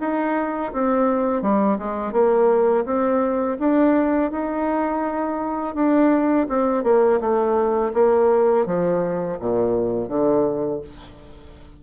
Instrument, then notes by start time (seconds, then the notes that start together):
bassoon
0.00 D#4
0.73 C4
1.42 G3
1.78 G#3
2.12 A#3
2.85 C4
3.59 D4
4.31 D#4
5.75 D4
6.49 C4
6.83 A#3
7.20 A3
7.93 A#3
8.66 F3
9.39 A#2
10.08 D3